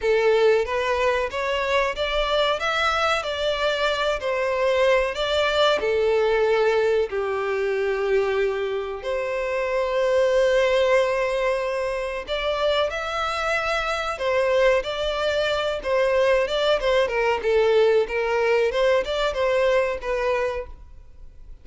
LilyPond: \new Staff \with { instrumentName = "violin" } { \time 4/4 \tempo 4 = 93 a'4 b'4 cis''4 d''4 | e''4 d''4. c''4. | d''4 a'2 g'4~ | g'2 c''2~ |
c''2. d''4 | e''2 c''4 d''4~ | d''8 c''4 d''8 c''8 ais'8 a'4 | ais'4 c''8 d''8 c''4 b'4 | }